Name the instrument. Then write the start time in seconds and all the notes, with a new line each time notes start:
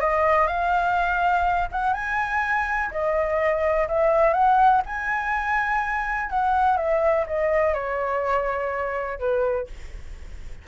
flute
0.00 D#5
0.47 F5
1.72 F#5
1.93 G#5
2.91 D#5
3.88 E5
4.33 F#5
4.86 G#5
6.30 F#5
6.77 E5
7.27 D#5
7.74 C#5
9.19 B4